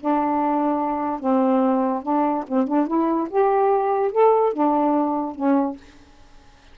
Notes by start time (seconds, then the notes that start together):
0.00 D4
1.20 C4
2.03 D4
2.48 C4
2.67 D4
2.87 E4
3.30 G4
4.11 A4
4.53 D4
5.35 C#4